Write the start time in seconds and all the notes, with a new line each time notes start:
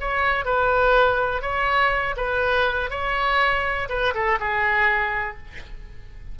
0.00 C#5
0.45 B4
1.42 C#5
2.17 B4
2.90 C#5
3.89 B4
4.14 A4
4.40 G#4